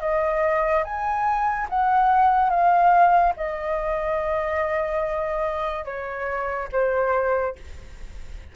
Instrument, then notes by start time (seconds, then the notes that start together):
flute
0.00 D#5
0.84 G#5
1.69 F#5
2.50 F5
3.36 D#5
5.85 C#5
6.72 C5